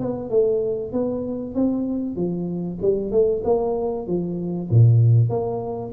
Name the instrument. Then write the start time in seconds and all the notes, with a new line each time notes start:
tuba
0.00 B3
0.30 A3
0.93 B3
1.55 C4
2.16 F3
2.82 G3
3.12 A3
3.45 A#3
4.07 F3
4.71 A#2
5.30 A#3